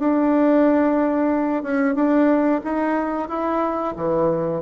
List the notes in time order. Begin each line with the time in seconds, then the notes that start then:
0.00 D4
1.63 C#4
1.96 D4
2.65 D#4
3.29 E4
3.97 E3